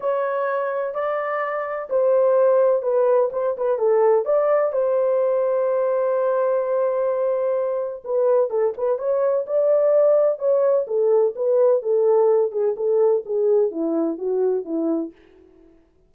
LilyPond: \new Staff \with { instrumentName = "horn" } { \time 4/4 \tempo 4 = 127 cis''2 d''2 | c''2 b'4 c''8 b'8 | a'4 d''4 c''2~ | c''1~ |
c''4 b'4 a'8 b'8 cis''4 | d''2 cis''4 a'4 | b'4 a'4. gis'8 a'4 | gis'4 e'4 fis'4 e'4 | }